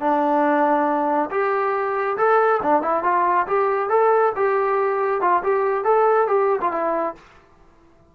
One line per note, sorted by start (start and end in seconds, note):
0.00 1.29 D4
1.30 2.17 G4
2.17 2.60 A4
2.62 2.82 D4
2.82 3.03 E4
3.03 3.46 F4
3.47 3.89 G4
3.89 4.32 A4
4.35 5.21 G4
5.21 5.43 F4
5.43 5.84 G4
5.84 6.27 A4
6.27 6.59 G4
6.60 6.71 F4
6.71 7.15 E4